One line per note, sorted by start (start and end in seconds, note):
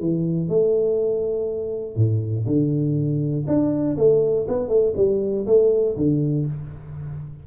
0.00 0.49 E3
0.49 1.96 A3
1.96 2.45 A2
2.46 3.46 D3
3.47 3.97 D4
3.97 4.47 A3
4.48 4.68 B3
4.68 4.93 A3
4.96 5.46 G3
5.46 5.96 A3
5.96 6.46 D3